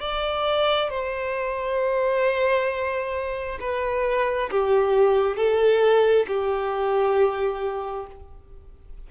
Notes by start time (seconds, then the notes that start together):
0.00 D5
0.90 C5
3.60 B4
4.51 G4
5.36 A4
6.27 G4